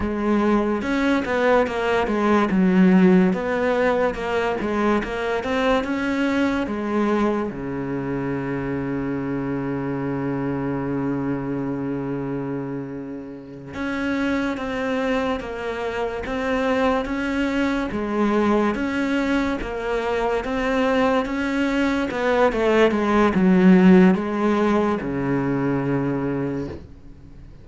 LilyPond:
\new Staff \with { instrumentName = "cello" } { \time 4/4 \tempo 4 = 72 gis4 cis'8 b8 ais8 gis8 fis4 | b4 ais8 gis8 ais8 c'8 cis'4 | gis4 cis2.~ | cis1~ |
cis8 cis'4 c'4 ais4 c'8~ | c'8 cis'4 gis4 cis'4 ais8~ | ais8 c'4 cis'4 b8 a8 gis8 | fis4 gis4 cis2 | }